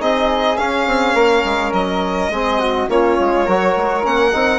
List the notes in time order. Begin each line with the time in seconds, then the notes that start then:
0.00 C4 D#4 G#4 D#5
0.57 C#4 F5
0.87 C4
1.14 A#3 A#4
1.45 G#3
1.73 F#3 D#5
2.30 G#3 C4 G#4
2.60 F#4
2.89 A#3 C#4 F4 C#5
3.20 G#3
3.46 F#3 F#4 A#4
3.77 G#3
4.03 A#3 C#4 F#5
4.33 C4 D#4